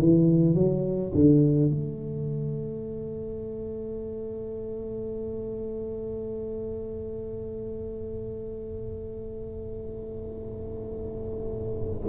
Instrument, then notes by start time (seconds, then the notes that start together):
tuba
0.00 E3
0.55 F#3
1.15 D3
1.70 A3